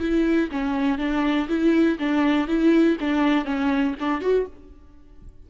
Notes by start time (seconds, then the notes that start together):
0.00 E4
0.52 C#4
0.99 D4
1.49 E4
1.99 D4
2.48 E4
3.00 D4
3.45 C#4
4.00 D4
4.21 F#4